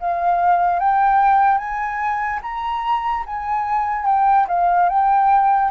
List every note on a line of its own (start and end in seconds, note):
0.00 0.79 F5
0.79 1.58 G5
1.58 2.40 G#5
2.42 3.24 A#5
3.26 4.05 G#5
4.05 4.46 G5
4.48 4.89 F5
4.89 5.71 G5